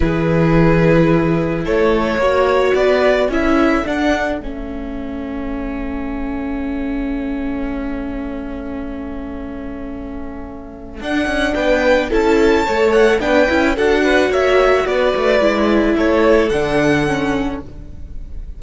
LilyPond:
<<
  \new Staff \with { instrumentName = "violin" } { \time 4/4 \tempo 4 = 109 b'2. cis''4~ | cis''4 d''4 e''4 fis''4 | e''1~ | e''1~ |
e''1 | fis''4 g''4 a''4. fis''8 | g''4 fis''4 e''4 d''4~ | d''4 cis''4 fis''2 | }
  \new Staff \with { instrumentName = "violin" } { \time 4/4 gis'2. a'4 | cis''4 b'4 a'2~ | a'1~ | a'1~ |
a'1~ | a'4 b'4 a'4 cis''4 | b'4 a'8 b'8 cis''4 b'4~ | b'4 a'2. | }
  \new Staff \with { instrumentName = "viola" } { \time 4/4 e'1 | fis'2 e'4 d'4 | cis'1~ | cis'1~ |
cis'1 | d'2 e'4 a'4 | d'8 e'8 fis'2. | e'2 d'4 cis'4 | }
  \new Staff \with { instrumentName = "cello" } { \time 4/4 e2. a4 | ais4 b4 cis'4 d'4 | a1~ | a1~ |
a1 | d'8 cis'8 b4 cis'4 a4 | b8 cis'8 d'4 ais4 b8 a8 | gis4 a4 d2 | }
>>